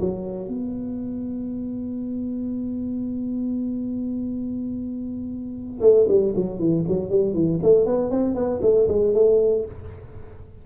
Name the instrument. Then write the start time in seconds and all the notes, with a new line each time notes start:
tuba
0.00 F#3
0.47 B3
5.81 A3
6.08 G3
6.35 F#3
6.59 E3
6.88 F#3
7.10 G3
7.34 E3
7.62 A3
7.85 B3
8.10 C4
8.35 B3
8.62 A3
8.88 G#3
9.14 A3